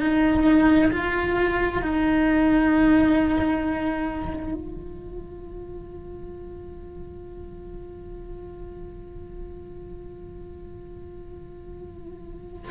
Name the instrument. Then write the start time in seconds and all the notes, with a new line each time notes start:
cello
0.00 D#4
0.92 F4
1.82 D#4
4.54 F4